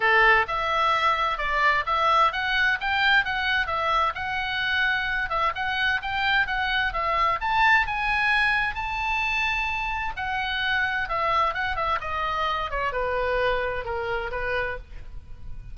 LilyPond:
\new Staff \with { instrumentName = "oboe" } { \time 4/4 \tempo 4 = 130 a'4 e''2 d''4 | e''4 fis''4 g''4 fis''4 | e''4 fis''2~ fis''8 e''8 | fis''4 g''4 fis''4 e''4 |
a''4 gis''2 a''4~ | a''2 fis''2 | e''4 fis''8 e''8 dis''4. cis''8 | b'2 ais'4 b'4 | }